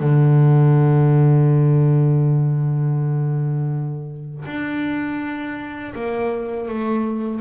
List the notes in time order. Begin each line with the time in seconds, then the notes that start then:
0.00 D3
4.46 D4
5.95 A#3
6.68 A3